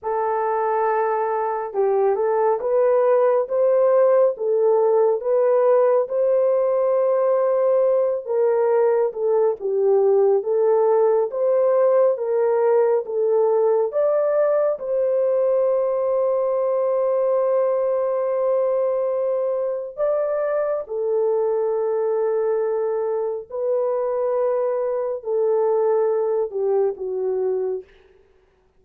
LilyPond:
\new Staff \with { instrumentName = "horn" } { \time 4/4 \tempo 4 = 69 a'2 g'8 a'8 b'4 | c''4 a'4 b'4 c''4~ | c''4. ais'4 a'8 g'4 | a'4 c''4 ais'4 a'4 |
d''4 c''2.~ | c''2. d''4 | a'2. b'4~ | b'4 a'4. g'8 fis'4 | }